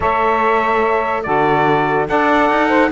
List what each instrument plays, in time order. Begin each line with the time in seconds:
0.00 cello A3, saxophone A4 C#5, trumpet E5
1.22 cello D3, saxophone F#4 A4, trumpet D5
2.07 cello D4, saxophone A4 D5, trumpet F#5
2.49 cello D#4
2.68 saxophone C5